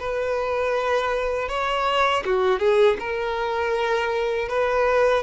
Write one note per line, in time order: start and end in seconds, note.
0.00 1.49 B4
1.49 2.24 C#5
2.25 2.60 F#4
2.60 2.98 G#4
3.00 4.49 A#4
4.49 5.23 B4